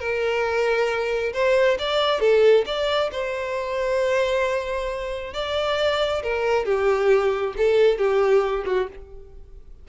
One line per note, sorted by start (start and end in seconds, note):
0.00 1.33 A#4
1.34 1.78 C5
1.79 2.21 D5
2.21 2.65 A4
2.67 3.11 D5
3.12 5.34 C5
5.34 6.23 D5
6.23 6.66 A#4
6.66 7.55 G4
7.58 7.99 A4
7.99 8.65 G4
8.66 8.88 F#4